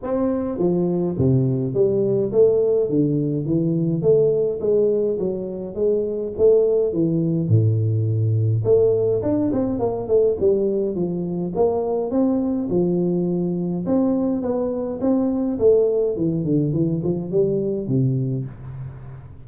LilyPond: \new Staff \with { instrumentName = "tuba" } { \time 4/4 \tempo 4 = 104 c'4 f4 c4 g4 | a4 d4 e4 a4 | gis4 fis4 gis4 a4 | e4 a,2 a4 |
d'8 c'8 ais8 a8 g4 f4 | ais4 c'4 f2 | c'4 b4 c'4 a4 | e8 d8 e8 f8 g4 c4 | }